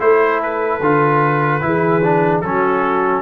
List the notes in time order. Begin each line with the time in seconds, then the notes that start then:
0.00 A3 E4 A4 C5
0.43 B4
0.81 D3 F4
1.62 E3 E4 G#4
2.04 D4
2.42 F#3 C#4 F#4 A4